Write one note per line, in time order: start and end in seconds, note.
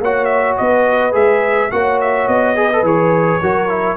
0.00 0.57 A#3
0.00 1.11 F#4
0.00 0.58 C#5
0.00 0.24 F#5
0.24 0.53 E5
0.57 1.14 B3
0.57 1.72 B4
0.57 1.14 D#5
1.11 1.71 G#3
1.11 1.68 G#4
1.11 1.71 E5
1.71 2.27 A#3
1.71 2.55 F#4
1.71 2.57 C#5
1.71 1.99 F#5
2.00 2.28 E5
2.27 2.82 B3
2.27 2.84 D#5
2.55 2.69 G#4
2.55 3.41 B4
2.72 2.84 A4
2.82 3.39 E3
2.82 3.41 G#4
2.82 3.96 C#5
3.41 3.96 F#3
3.41 3.68 F#4
3.41 3.96 A#4
3.68 3.96 E4